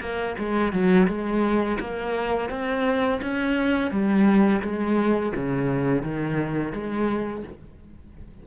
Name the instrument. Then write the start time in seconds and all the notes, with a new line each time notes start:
cello
0.00 A#3
0.38 G#3
0.72 F#3
1.07 G#3
1.80 A#3
2.50 C4
3.22 C#4
3.91 G3
4.62 G#3
5.36 C#3
6.02 D#3
6.73 G#3